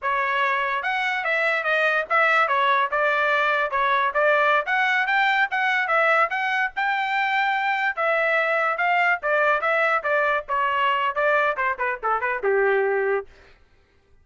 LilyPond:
\new Staff \with { instrumentName = "trumpet" } { \time 4/4 \tempo 4 = 145 cis''2 fis''4 e''4 | dis''4 e''4 cis''4 d''4~ | d''4 cis''4 d''4~ d''16 fis''8.~ | fis''16 g''4 fis''4 e''4 fis''8.~ |
fis''16 g''2. e''8.~ | e''4~ e''16 f''4 d''4 e''8.~ | e''16 d''4 cis''4.~ cis''16 d''4 | c''8 b'8 a'8 b'8 g'2 | }